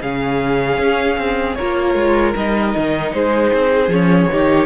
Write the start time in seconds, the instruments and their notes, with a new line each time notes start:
0.00 cello C#3, viola C#4, violin G#4 F5
0.78 cello C#4
1.17 cello C4
1.55 cello A#3, viola F4, violin A#4 C#5
1.95 cello G#3
2.34 cello G3, viola D#4, violin D#5
2.76 cello D#3
3.13 cello G#3, violin G#4 C5
3.53 cello C4
3.88 cello F3, viola C#4, violin C#5
4.31 cello D#3, viola D#4, violin G4